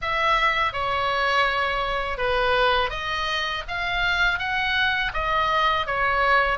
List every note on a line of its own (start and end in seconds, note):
0.01 0.73 E5
0.73 2.17 C#5
2.17 2.90 B4
2.90 3.63 D#5
3.68 4.38 F5
4.38 5.12 F#5
5.13 5.86 D#5
5.86 6.58 C#5